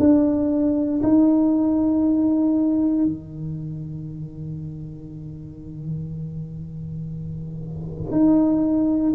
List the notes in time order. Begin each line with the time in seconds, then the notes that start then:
0.00 D4
1.04 D#4
3.05 D#3
8.12 D#4